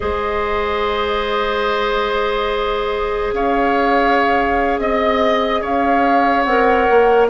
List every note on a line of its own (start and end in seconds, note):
0.00 3.32 G#3
0.00 6.45 G#4
0.00 3.34 C5
0.00 3.33 D#5
3.32 4.78 C#4
3.32 4.80 C#5
3.32 4.79 F5
4.78 5.61 C4
4.78 5.62 D#5
4.78 5.61 D#5
5.61 6.45 C#4
5.61 7.27 C#5
5.61 6.43 F5
6.43 6.87 C4
6.43 7.29 A#4
6.43 7.26 F#5
6.89 7.29 A#3